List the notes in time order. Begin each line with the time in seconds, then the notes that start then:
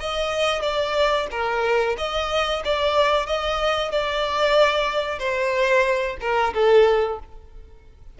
0.00 D#5
0.62 D5
1.31 A#4
1.98 D#5
2.65 D5
3.26 D#5
3.92 D5
5.19 C5
6.21 A#4
6.54 A4